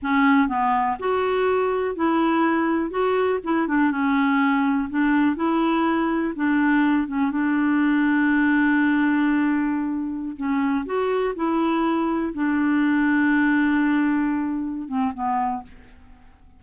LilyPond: \new Staff \with { instrumentName = "clarinet" } { \time 4/4 \tempo 4 = 123 cis'4 b4 fis'2 | e'2 fis'4 e'8 d'8 | cis'2 d'4 e'4~ | e'4 d'4. cis'8 d'4~ |
d'1~ | d'4~ d'16 cis'4 fis'4 e'8.~ | e'4~ e'16 d'2~ d'8.~ | d'2~ d'8 c'8 b4 | }